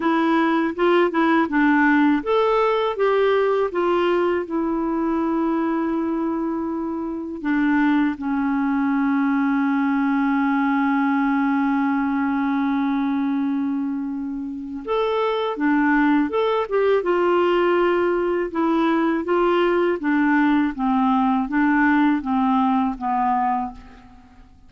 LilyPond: \new Staff \with { instrumentName = "clarinet" } { \time 4/4 \tempo 4 = 81 e'4 f'8 e'8 d'4 a'4 | g'4 f'4 e'2~ | e'2 d'4 cis'4~ | cis'1~ |
cis'1 | a'4 d'4 a'8 g'8 f'4~ | f'4 e'4 f'4 d'4 | c'4 d'4 c'4 b4 | }